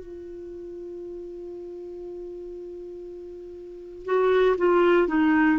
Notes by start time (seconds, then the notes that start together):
0.00 F4
4.05 F#4
4.58 F4
5.08 D#4